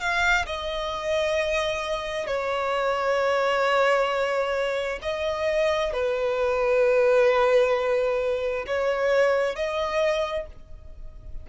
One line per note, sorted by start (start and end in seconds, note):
0.00 0.45 F5
0.45 2.26 D#5
2.26 4.99 C#5
5.02 5.93 D#5
5.93 8.65 B4
8.67 9.55 C#5
9.55 10.46 D#5